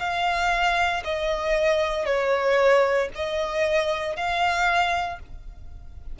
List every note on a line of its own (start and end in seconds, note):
0.00 1.03 F5
1.05 2.05 D#5
2.05 3.09 C#5
3.16 4.17 D#5
4.17 5.20 F5